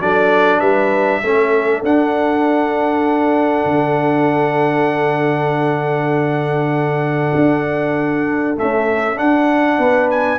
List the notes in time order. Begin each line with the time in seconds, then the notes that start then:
0.00 F#3 D4 A4 D5
0.60 G3 B4 E5
1.22 A3 C#4 A4
1.82 D4 F#5
3.64 D3
7.35 D4
8.56 A3 C#4 E5
9.15 D4 F#5
9.78 B3 B4
10.10 G#5